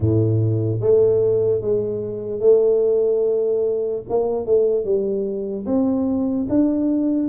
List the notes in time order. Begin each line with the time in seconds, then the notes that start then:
0.00 A2
0.80 A3
1.61 G#3
2.40 A3
4.09 A#3
4.46 A3
4.84 G3
5.66 C4
6.49 D4